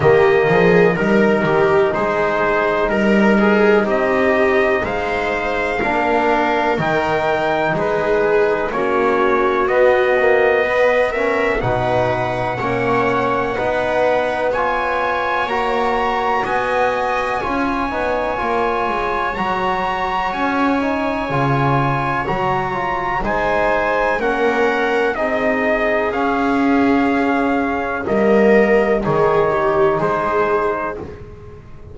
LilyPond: <<
  \new Staff \with { instrumentName = "trumpet" } { \time 4/4 \tempo 4 = 62 dis''4 ais'4 c''4 ais'4 | dis''4 f''2 g''4 | b'4 cis''4 dis''4. e''8 | fis''2. gis''4 |
ais''4 gis''2. | ais''4 gis''2 ais''4 | gis''4 fis''4 dis''4 f''4~ | f''4 dis''4 cis''4 c''4 | }
  \new Staff \with { instrumentName = "viola" } { \time 4/4 g'8 gis'8 ais'8 g'8 gis'4 ais'8 gis'8 | g'4 c''4 ais'2 | gis'4 fis'2 b'8 ais'8 | b'4 cis''4 b'4 cis''4~ |
cis''4 dis''4 cis''2~ | cis''1 | c''4 ais'4 gis'2~ | gis'4 ais'4 gis'8 g'8 gis'4 | }
  \new Staff \with { instrumentName = "trombone" } { \time 4/4 ais4 dis'2.~ | dis'2 d'4 dis'4~ | dis'4 cis'4 b8 ais8 b8 cis'8 | dis'4 cis'4 dis'4 f'4 |
fis'2 f'8 dis'8 f'4 | fis'4. dis'8 f'4 fis'8 f'8 | dis'4 cis'4 dis'4 cis'4~ | cis'4 ais4 dis'2 | }
  \new Staff \with { instrumentName = "double bass" } { \time 4/4 dis8 f8 g8 dis8 gis4 g4 | c'4 gis4 ais4 dis4 | gis4 ais4 b2 | b,4 ais4 b2 |
ais4 b4 cis'8 b8 ais8 gis8 | fis4 cis'4 cis4 fis4 | gis4 ais4 c'4 cis'4~ | cis'4 g4 dis4 gis4 | }
>>